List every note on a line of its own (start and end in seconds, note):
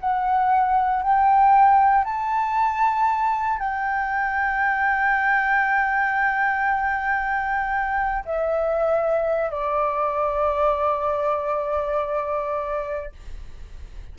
0.00 1.03 F#5
1.03 2.05 G5
2.05 3.59 A5
3.59 8.24 G5
8.25 9.50 E5
9.50 13.12 D5